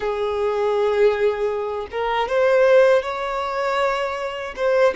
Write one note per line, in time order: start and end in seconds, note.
0.00 1.87 G#4
1.91 2.28 A#4
2.28 3.02 C5
3.02 4.54 C#5
4.56 4.94 C5